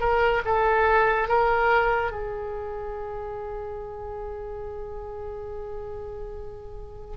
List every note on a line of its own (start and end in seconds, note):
0.00 0.42 A#4
0.45 1.29 A4
1.29 2.12 A#4
2.12 7.17 G#4